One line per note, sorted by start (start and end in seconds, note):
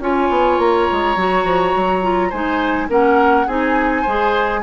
0.00 0.29 C#4
0.00 1.17 F4
0.00 2.29 C#5
0.00 0.59 G#5
0.30 0.58 B3
0.58 0.87 A#3
0.58 2.31 A#5
0.91 1.16 G#3
1.16 1.44 F#3
1.16 2.02 F#4
1.44 1.73 F3
1.76 2.33 F#3
2.02 2.31 F4
2.29 2.89 G#3
2.29 2.89 D#4
2.29 2.87 C5
2.29 2.89 G#5
2.89 3.46 A#3
2.89 3.47 C#4
2.89 3.47 A#4
2.89 3.48 F#5
3.47 4.05 C4
3.47 4.06 D#4
3.47 4.02 G#4
3.47 4.63 G#5
4.02 4.63 G#3
4.02 4.63 G#4
4.02 4.60 C5